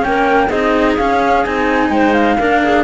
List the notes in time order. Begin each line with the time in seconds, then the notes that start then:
0.00 A#3 C#4 G5
0.06 A#4
0.47 C4 D#4 G#4 D#5
0.97 C#4 F5
1.44 C4 D#4 G#5
1.90 G#3 C5 G5
2.13 F5
2.38 A#3 D4 A#4
2.63 G#4